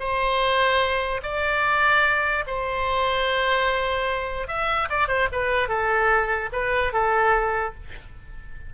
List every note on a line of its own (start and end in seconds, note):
0.00 1.22 C5
1.23 2.45 D5
2.47 4.48 C5
4.48 4.89 E5
4.90 5.08 D5
5.08 5.29 C5
5.33 5.69 B4
5.69 6.50 A4
6.53 6.93 B4
6.93 7.75 A4